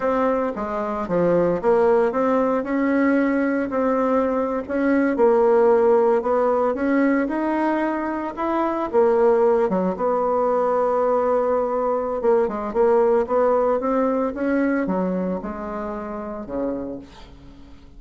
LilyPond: \new Staff \with { instrumentName = "bassoon" } { \time 4/4 \tempo 4 = 113 c'4 gis4 f4 ais4 | c'4 cis'2 c'4~ | c'8. cis'4 ais2 b16~ | b8. cis'4 dis'2 e'16~ |
e'8. ais4. fis8 b4~ b16~ | b2. ais8 gis8 | ais4 b4 c'4 cis'4 | fis4 gis2 cis4 | }